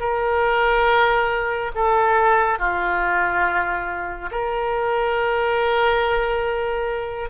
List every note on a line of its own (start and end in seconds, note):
0.00 1.71 A#4
1.75 2.59 A4
2.59 4.30 F4
4.31 7.30 A#4